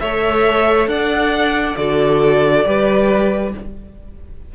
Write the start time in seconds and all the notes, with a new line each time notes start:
0.00 A3 A4 C#5 E5
0.87 D4 D5 F#5
1.76 D3 F#4 A4 D5
2.65 G3 G4 B4